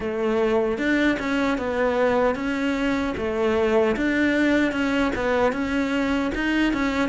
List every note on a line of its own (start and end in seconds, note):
0.00 0.78 A3
0.78 1.17 D4
1.19 1.58 C#4
1.58 2.35 B3
2.35 3.14 C#4
3.17 3.95 A3
3.96 4.72 D4
4.72 5.11 C#4
5.15 5.52 B3
5.52 6.31 C#4
6.34 6.73 D#4
6.73 7.09 C#4